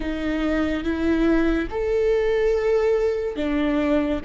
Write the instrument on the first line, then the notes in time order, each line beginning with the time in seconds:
viola
0.00 D#4
0.83 E4
1.70 A4
3.36 D4